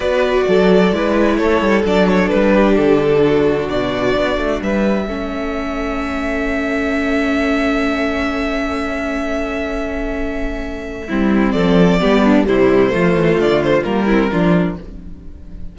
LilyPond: <<
  \new Staff \with { instrumentName = "violin" } { \time 4/4 \tempo 4 = 130 d''2. cis''4 | d''8 cis''8 b'4 a'2 | d''2 e''2~ | e''1~ |
e''1~ | e''1~ | e''4 d''2 c''4~ | c''4 d''8 c''8 ais'2 | }
  \new Staff \with { instrumentName = "violin" } { \time 4/4 b'4 a'4 b'4 a'4~ | a'4. g'4. fis'4~ | fis'2 b'4 a'4~ | a'1~ |
a'1~ | a'1 | e'4 a'4 g'8 d'8 e'4 | f'2~ f'8 e'8 f'4 | }
  \new Staff \with { instrumentName = "viola" } { \time 4/4 fis'2 e'2 | d'1~ | d'2. cis'4~ | cis'1~ |
cis'1~ | cis'1 | c'2 b4 g4 | a2 ais8 c'8 d'4 | }
  \new Staff \with { instrumentName = "cello" } { \time 4/4 b4 fis4 gis4 a8 g8 | fis4 g4 d2 | b,4 b8 a8 g4 a4~ | a1~ |
a1~ | a1 | g4 f4 g4 c4 | f8 e8 d4 g4 f4 | }
>>